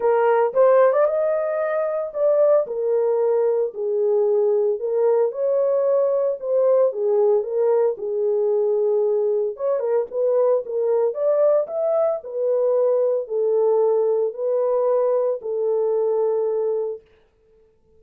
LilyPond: \new Staff \with { instrumentName = "horn" } { \time 4/4 \tempo 4 = 113 ais'4 c''8. d''16 dis''2 | d''4 ais'2 gis'4~ | gis'4 ais'4 cis''2 | c''4 gis'4 ais'4 gis'4~ |
gis'2 cis''8 ais'8 b'4 | ais'4 d''4 e''4 b'4~ | b'4 a'2 b'4~ | b'4 a'2. | }